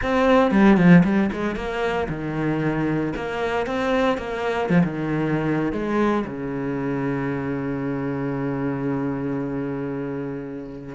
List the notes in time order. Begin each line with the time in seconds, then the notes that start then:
0.02 C4
0.51 G3
0.77 F3
1.03 G3
1.32 G#3
1.55 A#3
2.08 D#3
3.16 A#3
3.66 C4
4.17 A#3
4.69 F3
4.83 D#3
5.72 G#3
6.26 C#3